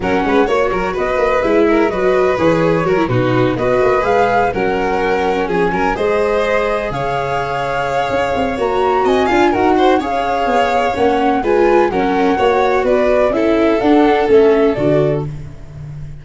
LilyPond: <<
  \new Staff \with { instrumentName = "flute" } { \time 4/4 \tempo 4 = 126 fis''4 cis''4 dis''4 e''4 | dis''4 cis''4. b'4 dis''8~ | dis''8 f''4 fis''2 gis''8~ | gis''8 dis''2 f''4.~ |
f''2 ais''4 gis''4 | fis''4 f''2 fis''4 | gis''4 fis''2 d''4 | e''4 fis''4 e''4 d''4 | }
  \new Staff \with { instrumentName = "violin" } { \time 4/4 ais'8 b'8 cis''8 ais'8 b'4. ais'8 | b'2 ais'8 fis'4 b'8~ | b'4. ais'2 gis'8 | ais'8 c''2 cis''4.~ |
cis''2. dis''8 f''8 | ais'8 c''8 cis''2. | b'4 ais'4 cis''4 b'4 | a'1 | }
  \new Staff \with { instrumentName = "viola" } { \time 4/4 cis'4 fis'2 e'4 | fis'4 gis'4 fis'16 e'16 dis'4 fis'8~ | fis'8 gis'4 cis'2~ cis'8~ | cis'8 gis'2.~ gis'8~ |
gis'2 fis'4. f'8 | fis'4 gis'2 cis'4 | f'4 cis'4 fis'2 | e'4 d'4 cis'4 fis'4 | }
  \new Staff \with { instrumentName = "tuba" } { \time 4/4 fis8 gis8 ais8 fis8 b8 ais8 gis4 | fis4 e4 fis8 b,4 b8 | ais8 gis4 fis2 f8 | fis8 gis2 cis4.~ |
cis4 cis'8 c'8 ais4 c'8 d'8 | dis'4 cis'4 b4 ais4 | gis4 fis4 ais4 b4 | cis'4 d'4 a4 d4 | }
>>